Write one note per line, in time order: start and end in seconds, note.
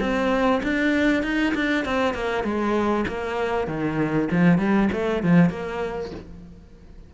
0.00 0.61 C4
0.63 1.23 D4
1.23 1.53 D#4
1.54 1.85 D4
1.85 2.14 C4
2.14 2.44 A#3
2.44 3.05 G#3
3.07 3.67 A#3
3.67 4.28 D#3
4.31 4.58 F3
4.58 4.89 G3
4.92 5.23 A3
5.23 5.50 F3
5.50 6.11 A#3